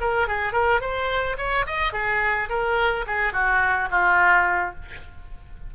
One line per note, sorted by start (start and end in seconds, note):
0.00 0.27 A#4
0.27 0.52 G#4
0.52 0.80 A#4
0.80 1.37 C5
1.37 1.65 C#5
1.66 1.92 D#5
1.92 2.48 G#4
2.49 3.05 A#4
3.06 3.32 G#4
3.32 3.88 F#4
3.90 4.74 F4